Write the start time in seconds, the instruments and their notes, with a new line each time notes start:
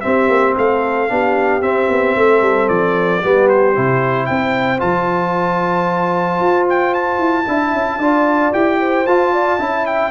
0.00 trombone C4, tuba C4, horn G4, trumpet E5
0.27 tuba A#3
0.57 tuba A3, horn A4, trumpet F5
1.08 tuba B3, trombone D4, horn G4
1.61 tuba C4, trombone C4, trumpet E5
1.88 tuba B3
2.16 tuba A3, horn A4
2.41 tuba G3
2.68 tuba F3, trumpet D5
3.21 tuba G3, trombone B3, horn G4
3.48 trumpet C5
3.74 tuba C3, trombone E4
4.25 tuba C4, horn C5, trumpet G5
4.78 tuba F3, trombone F4, trumpet A5
6.39 tuba F4
6.69 trumpet G5
6.94 trumpet A5
7.19 tuba E4
7.46 tuba D4, trombone E4, horn E5
7.73 tuba C#4
7.98 tuba D4, trombone F4, horn D5
8.52 tuba E4, trombone G4, trumpet G5
8.79 horn C5
9.06 tuba F4, trombone F4, trumpet A5
9.32 horn D5
9.59 tuba C#4, trombone E4, horn E5
9.86 trumpet G5